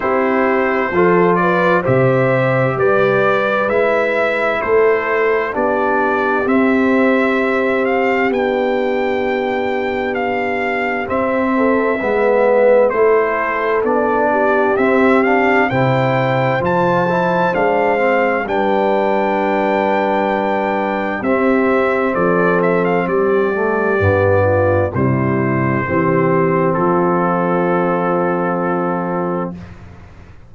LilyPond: <<
  \new Staff \with { instrumentName = "trumpet" } { \time 4/4 \tempo 4 = 65 c''4. d''8 e''4 d''4 | e''4 c''4 d''4 e''4~ | e''8 f''8 g''2 f''4 | e''2 c''4 d''4 |
e''8 f''8 g''4 a''4 f''4 | g''2. e''4 | d''8 e''16 f''16 d''2 c''4~ | c''4 a'2. | }
  \new Staff \with { instrumentName = "horn" } { \time 4/4 g'4 a'8 b'8 c''4 b'4~ | b'4 a'4 g'2~ | g'1~ | g'8 a'8 b'4 a'4. g'8~ |
g'4 c''2. | b'2. g'4 | a'4 g'4. f'8 e'4 | g'4 f'2. | }
  \new Staff \with { instrumentName = "trombone" } { \time 4/4 e'4 f'4 g'2 | e'2 d'4 c'4~ | c'4 d'2. | c'4 b4 e'4 d'4 |
c'8 d'8 e'4 f'8 e'8 d'8 c'8 | d'2. c'4~ | c'4. a8 b4 g4 | c'1 | }
  \new Staff \with { instrumentName = "tuba" } { \time 4/4 c'4 f4 c4 g4 | gis4 a4 b4 c'4~ | c'4 b2. | c'4 gis4 a4 b4 |
c'4 c4 f4 gis4 | g2. c'4 | f4 g4 g,4 c4 | e4 f2. | }
>>